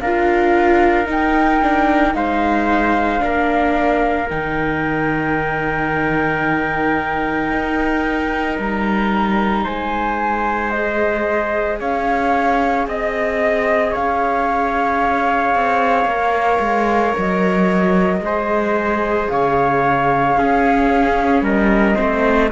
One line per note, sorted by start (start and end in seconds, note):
0.00 1.07 D4
0.00 1.05 F4
0.00 2.16 A#4
0.00 1.07 F5
1.05 1.59 D#4
1.05 2.14 D#4
1.05 2.15 G5
1.62 2.13 D4
2.13 3.21 G#3
2.13 3.19 D#4
2.13 3.23 C5
2.13 4.29 F5
3.19 4.30 A#3
3.19 4.26 D4
3.19 9.64 A#4
4.29 7.52 D#3
4.29 10.72 D#4
4.29 8.58 G5
7.52 8.58 D#4
8.58 9.66 G3
8.58 9.66 A#5
9.64 11.80 G#3
9.64 11.78 C5
9.64 10.70 G#5
10.70 16.08 G#4
10.70 11.77 D#5
11.79 12.87 C#4
11.79 12.87 C#5
11.79 12.87 F5
12.87 13.94 C4
12.87 13.91 D#5
12.87 13.94 D#5
13.91 15.55 C#4
13.91 18.19 C#5
13.91 17.16 F5
15.55 16.05 C4
16.05 16.58 A#3
16.05 18.23 A#4
16.59 17.13 G#3
17.18 18.20 F#3
17.18 19.28 D#5
18.20 19.27 G#3
18.20 20.37 G#4
18.20 19.32 C5
19.28 20.36 C#3
19.28 20.38 C#5
19.28 21.42 F5
20.36 21.41 C#4
20.36 21.96 C#4
20.36 21.44 G#4
21.41 21.95 G3
21.41 21.95 A#4
21.41 22.50 D#5
21.95 22.51 A3
21.95 22.50 C4
21.95 22.49 C5